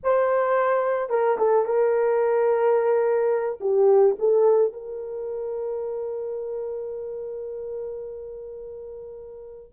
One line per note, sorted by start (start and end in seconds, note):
0.03 1.09 C5
1.09 1.37 A#4
1.37 1.65 A4
1.65 3.59 A#4
3.60 4.15 G4
4.18 4.72 A4
4.72 9.72 A#4